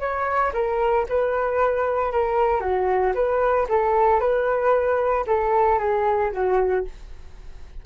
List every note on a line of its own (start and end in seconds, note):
0.00 0.53 C#5
0.54 1.06 A#4
1.09 2.12 B4
2.12 2.61 A#4
2.61 3.13 F#4
3.15 3.67 B4
3.69 4.20 A4
4.20 5.26 B4
5.27 5.79 A4
5.79 6.32 G#4
6.32 6.85 F#4